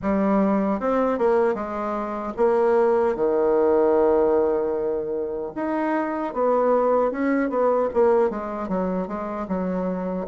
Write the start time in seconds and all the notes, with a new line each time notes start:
0.01 G3
0.79 C4
1.18 A#3
1.54 G#3
2.36 A#3
3.15 D#3
5.55 D#4
6.33 B3
7.11 C#4
7.49 B3
7.93 A#3
8.29 G#3
8.68 F#3
9.07 G#3
9.47 F#3